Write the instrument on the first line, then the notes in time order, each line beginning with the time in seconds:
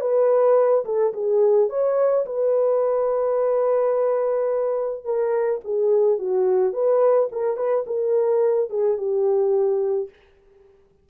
horn
0.00 B4
0.84 A4
1.13 G#4
1.69 C#5
2.25 B4
5.04 A#4
5.64 G#4
6.18 F#4
6.73 B4
7.31 A#4
7.56 B4
7.86 A#4
8.69 G#4
8.97 G4